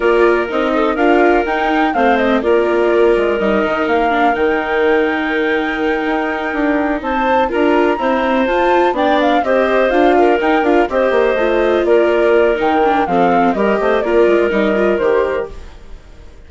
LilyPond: <<
  \new Staff \with { instrumentName = "flute" } { \time 4/4 \tempo 4 = 124 d''4 dis''4 f''4 g''4 | f''8 dis''8 d''2 dis''4 | f''4 g''2.~ | g''2~ g''8 a''4 ais''8~ |
ais''4. a''4 g''8 f''8 dis''8~ | dis''8 f''4 g''8 f''8 dis''4.~ | dis''8 d''4. g''4 f''4 | dis''4 d''4 dis''4 c''4 | }
  \new Staff \with { instrumentName = "clarinet" } { \time 4/4 ais'4. a'8 ais'2 | c''4 ais'2.~ | ais'1~ | ais'2~ ais'8 c''4 ais'8~ |
ais'8 c''2 d''4 c''8~ | c''4 ais'4. c''4.~ | c''8 ais'2~ ais'8 a'4 | ais'8 c''8 ais'2. | }
  \new Staff \with { instrumentName = "viola" } { \time 4/4 f'4 dis'4 f'4 dis'4 | c'4 f'2 dis'4~ | dis'8 d'8 dis'2.~ | dis'2.~ dis'8 f'8~ |
f'8 c'4 f'4 d'4 g'8~ | g'8 f'4 dis'8 f'8 g'4 f'8~ | f'2 dis'8 d'8 c'4 | g'4 f'4 dis'8 f'8 g'4 | }
  \new Staff \with { instrumentName = "bassoon" } { \time 4/4 ais4 c'4 d'4 dis'4 | a4 ais4. gis8 g8 dis8 | ais4 dis2.~ | dis8 dis'4 d'4 c'4 d'8~ |
d'8 e'4 f'4 b4 c'8~ | c'8 d'4 dis'8 d'8 c'8 ais8 a8~ | a8 ais4. dis4 f4 | g8 a8 ais8 gis8 g4 dis4 | }
>>